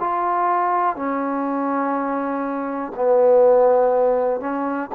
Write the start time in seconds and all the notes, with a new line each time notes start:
0.00 F4
0.96 C#4
2.96 B3
4.40 C#4